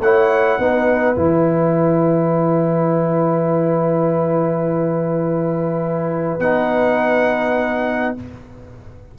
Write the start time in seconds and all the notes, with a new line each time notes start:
0.00 A3 E4 C#5 F#5
0.58 B3 D#4 B4
1.16 E3 E4 G#5
6.39 B3 D#4 F#5